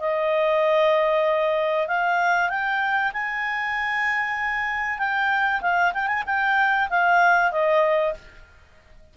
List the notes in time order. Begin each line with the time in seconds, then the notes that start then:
0.00 D#5
1.88 F5
2.49 G5
3.13 G#5
4.98 G5
5.61 F5
5.94 G5
6.07 G#5
6.26 G5
6.90 F5
7.51 D#5